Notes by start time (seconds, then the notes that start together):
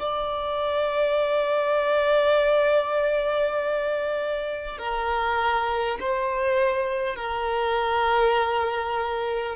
0.00 D5
4.78 A#4
6.01 C5
7.16 A#4